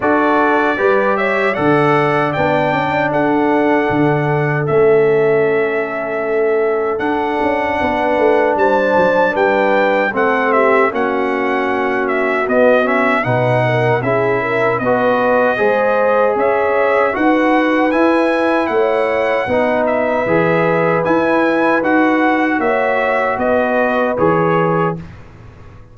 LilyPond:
<<
  \new Staff \with { instrumentName = "trumpet" } { \time 4/4 \tempo 4 = 77 d''4. e''8 fis''4 g''4 | fis''2 e''2~ | e''4 fis''2 a''4 | g''4 fis''8 e''8 fis''4. e''8 |
dis''8 e''8 fis''4 e''4 dis''4~ | dis''4 e''4 fis''4 gis''4 | fis''4. e''4. gis''4 | fis''4 e''4 dis''4 cis''4 | }
  \new Staff \with { instrumentName = "horn" } { \time 4/4 a'4 b'8 cis''8 d''2 | a'1~ | a'2 b'4 c''4 | b'4 a'8 g'8 fis'2~ |
fis'4 b'8 ais'8 gis'8 ais'8 b'4 | c''4 cis''4 b'2 | cis''4 b'2.~ | b'4 cis''4 b'2 | }
  \new Staff \with { instrumentName = "trombone" } { \time 4/4 fis'4 g'4 a'4 d'4~ | d'2 cis'2~ | cis'4 d'2.~ | d'4 c'4 cis'2 |
b8 cis'8 dis'4 e'4 fis'4 | gis'2 fis'4 e'4~ | e'4 dis'4 gis'4 e'4 | fis'2. gis'4 | }
  \new Staff \with { instrumentName = "tuba" } { \time 4/4 d'4 g4 d4 b8 cis'8 | d'4 d4 a2~ | a4 d'8 cis'8 b8 a8 g8 fis8 | g4 a4 ais2 |
b4 b,4 cis'4 b4 | gis4 cis'4 dis'4 e'4 | a4 b4 e4 e'4 | dis'4 ais4 b4 e4 | }
>>